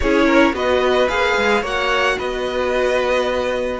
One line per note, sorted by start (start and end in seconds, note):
0.00 0.52 C#4
0.00 0.53 E4
0.00 0.26 G#4
0.00 0.54 C#5
0.26 0.53 A#4
0.52 1.07 B3
0.52 1.07 F#4
0.52 1.61 B4
0.52 1.08 D#5
1.08 1.37 A#3
1.08 1.62 G#4
1.08 1.62 F5
1.37 1.62 G#3
1.61 2.16 A#3
1.61 3.80 F#4
1.61 2.16 C#5
1.61 2.18 F#5
2.17 3.80 B3
2.17 3.80 B4
2.17 3.80 D#5